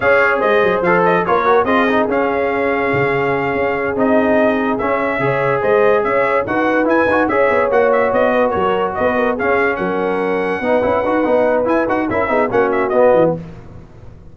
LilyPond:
<<
  \new Staff \with { instrumentName = "trumpet" } { \time 4/4 \tempo 4 = 144 f''4 dis''4 f''8 dis''8 cis''4 | dis''4 f''2.~ | f''4. dis''2 e''8~ | e''4. dis''4 e''4 fis''8~ |
fis''8 gis''4 e''4 fis''8 e''8 dis''8~ | dis''8 cis''4 dis''4 f''4 fis''8~ | fis''1 | gis''8 fis''8 e''4 fis''8 e''8 dis''4 | }
  \new Staff \with { instrumentName = "horn" } { \time 4/4 cis''4 c''2 ais'4 | gis'1~ | gis'1~ | gis'8 cis''4 c''4 cis''4 b'8~ |
b'4. cis''2~ cis''8 | b'8 ais'4 b'8 ais'8 gis'4 ais'8~ | ais'4. b'2~ b'8~ | b'4 ais'8 gis'8 fis'2 | }
  \new Staff \with { instrumentName = "trombone" } { \time 4/4 gis'2 a'4 f'8 fis'8 | f'8 dis'8 cis'2.~ | cis'4. dis'2 cis'8~ | cis'8 gis'2. fis'8~ |
fis'8 e'8 fis'8 gis'4 fis'4.~ | fis'2~ fis'8 cis'4.~ | cis'4. dis'8 e'8 fis'8 dis'4 | e'8 fis'8 e'8 dis'8 cis'4 b4 | }
  \new Staff \with { instrumentName = "tuba" } { \time 4/4 cis'4 gis8 fis8 f4 ais4 | c'4 cis'2 cis4~ | cis8 cis'4 c'2 cis'8~ | cis'8 cis4 gis4 cis'4 dis'8~ |
dis'8 e'8 dis'8 cis'8 b8 ais4 b8~ | b8 fis4 b4 cis'4 fis8~ | fis4. b8 cis'8 dis'8 b4 | e'8 dis'8 cis'8 b8 ais4 b8 e8 | }
>>